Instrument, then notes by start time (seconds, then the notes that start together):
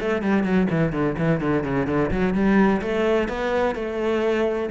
cello
0.00 A3
0.22 G3
0.44 F#3
0.70 E3
0.92 D3
1.18 E3
1.40 D3
1.63 C#3
1.87 D3
2.11 F#3
2.34 G3
2.82 A3
3.28 B3
3.75 A3